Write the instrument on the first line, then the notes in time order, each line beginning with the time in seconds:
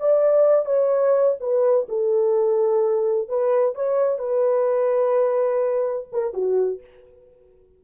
horn
0.00 D5
0.66 C#5
1.41 B4
1.89 A4
3.29 B4
3.75 C#5
4.19 B4
6.12 A#4
6.34 F#4